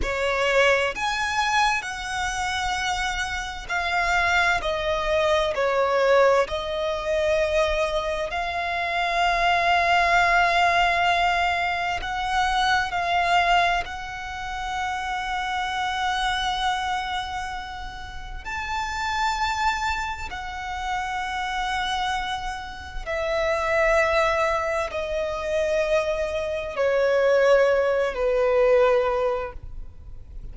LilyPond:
\new Staff \with { instrumentName = "violin" } { \time 4/4 \tempo 4 = 65 cis''4 gis''4 fis''2 | f''4 dis''4 cis''4 dis''4~ | dis''4 f''2.~ | f''4 fis''4 f''4 fis''4~ |
fis''1 | a''2 fis''2~ | fis''4 e''2 dis''4~ | dis''4 cis''4. b'4. | }